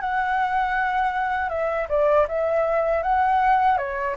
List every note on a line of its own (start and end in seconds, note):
0.00 1.49 F#5
1.49 1.87 E5
1.88 2.26 D5
2.28 3.03 E5
3.03 3.77 F#5
3.77 4.15 C#5